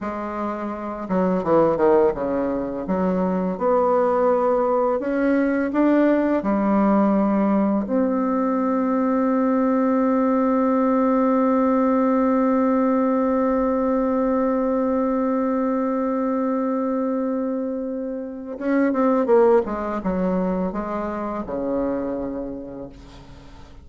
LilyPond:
\new Staff \with { instrumentName = "bassoon" } { \time 4/4 \tempo 4 = 84 gis4. fis8 e8 dis8 cis4 | fis4 b2 cis'4 | d'4 g2 c'4~ | c'1~ |
c'1~ | c'1~ | c'2 cis'8 c'8 ais8 gis8 | fis4 gis4 cis2 | }